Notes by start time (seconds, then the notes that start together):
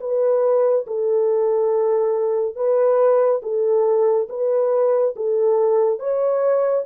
0.00 B4
0.86 A4
2.56 B4
3.42 A4
4.29 B4
5.16 A4
5.99 C#5